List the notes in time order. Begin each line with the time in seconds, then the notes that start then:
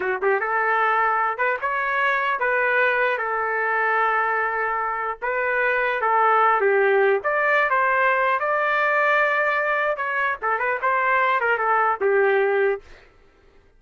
0.00 F#4
0.22 G4
0.39 A4
1.37 B4
1.61 C#5
2.39 B4
3.18 A4
5.21 B4
6.01 A4
6.60 G4
7.23 D5
7.70 C5
8.39 D5
9.96 C#5
10.41 A4
10.58 B4
10.82 C5
11.40 A#4
11.57 A4
12.01 G4